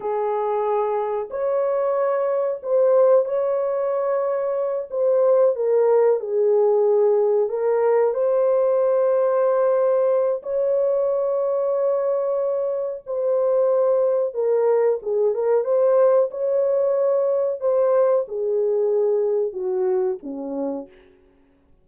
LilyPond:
\new Staff \with { instrumentName = "horn" } { \time 4/4 \tempo 4 = 92 gis'2 cis''2 | c''4 cis''2~ cis''8 c''8~ | c''8 ais'4 gis'2 ais'8~ | ais'8 c''2.~ c''8 |
cis''1 | c''2 ais'4 gis'8 ais'8 | c''4 cis''2 c''4 | gis'2 fis'4 cis'4 | }